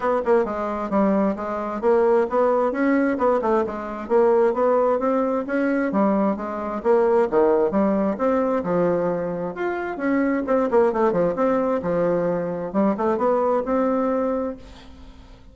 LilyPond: \new Staff \with { instrumentName = "bassoon" } { \time 4/4 \tempo 4 = 132 b8 ais8 gis4 g4 gis4 | ais4 b4 cis'4 b8 a8 | gis4 ais4 b4 c'4 | cis'4 g4 gis4 ais4 |
dis4 g4 c'4 f4~ | f4 f'4 cis'4 c'8 ais8 | a8 f8 c'4 f2 | g8 a8 b4 c'2 | }